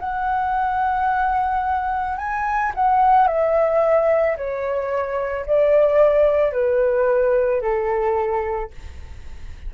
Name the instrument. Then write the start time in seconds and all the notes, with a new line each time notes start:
flute
0.00 F#5
2.18 G#5
2.75 F#5
3.28 E5
4.37 C#5
5.46 D5
6.53 B4
7.62 A4